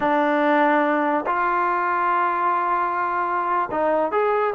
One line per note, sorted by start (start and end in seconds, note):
0.00 1.25 D4
1.26 3.69 F4
3.71 4.11 D#4
4.11 4.53 G#4